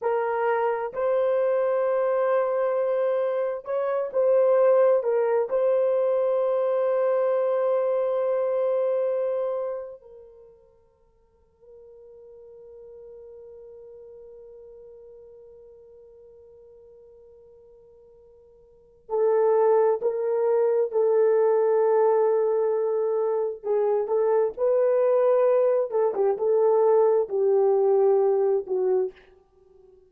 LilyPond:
\new Staff \with { instrumentName = "horn" } { \time 4/4 \tempo 4 = 66 ais'4 c''2. | cis''8 c''4 ais'8 c''2~ | c''2. ais'4~ | ais'1~ |
ais'1~ | ais'4 a'4 ais'4 a'4~ | a'2 gis'8 a'8 b'4~ | b'8 a'16 g'16 a'4 g'4. fis'8 | }